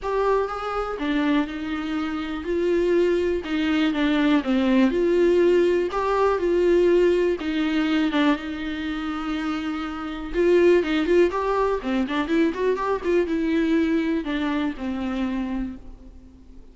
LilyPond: \new Staff \with { instrumentName = "viola" } { \time 4/4 \tempo 4 = 122 g'4 gis'4 d'4 dis'4~ | dis'4 f'2 dis'4 | d'4 c'4 f'2 | g'4 f'2 dis'4~ |
dis'8 d'8 dis'2.~ | dis'4 f'4 dis'8 f'8 g'4 | c'8 d'8 e'8 fis'8 g'8 f'8 e'4~ | e'4 d'4 c'2 | }